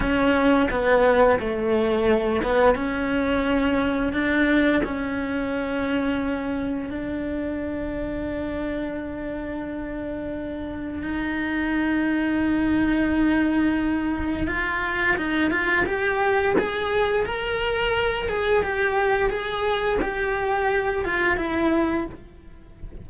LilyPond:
\new Staff \with { instrumentName = "cello" } { \time 4/4 \tempo 4 = 87 cis'4 b4 a4. b8 | cis'2 d'4 cis'4~ | cis'2 d'2~ | d'1 |
dis'1~ | dis'4 f'4 dis'8 f'8 g'4 | gis'4 ais'4. gis'8 g'4 | gis'4 g'4. f'8 e'4 | }